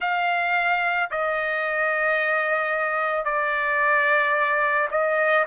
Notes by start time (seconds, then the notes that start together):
0.00 F5
1.11 D#5
3.24 D5
4.90 D#5